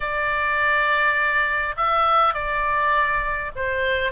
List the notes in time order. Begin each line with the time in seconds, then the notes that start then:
0.00 D5
1.76 E5
2.33 D5
3.55 C5